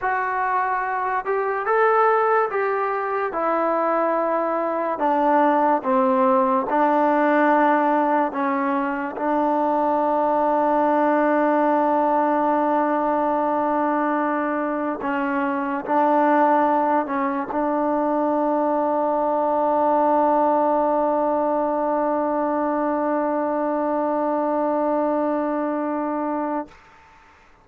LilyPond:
\new Staff \with { instrumentName = "trombone" } { \time 4/4 \tempo 4 = 72 fis'4. g'8 a'4 g'4 | e'2 d'4 c'4 | d'2 cis'4 d'4~ | d'1~ |
d'2 cis'4 d'4~ | d'8 cis'8 d'2.~ | d'1~ | d'1 | }